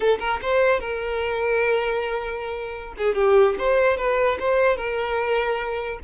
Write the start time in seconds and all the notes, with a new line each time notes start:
0.00 A4
0.19 A#4
0.41 C5
0.80 A#4
2.97 G#4
3.14 G4
3.58 C5
3.97 B4
4.39 C5
4.76 A#4